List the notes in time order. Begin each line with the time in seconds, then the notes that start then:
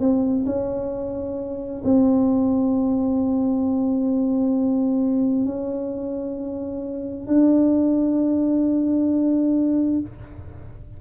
0.00 C4
0.46 C#4
1.84 C4
5.45 C#4
7.28 D4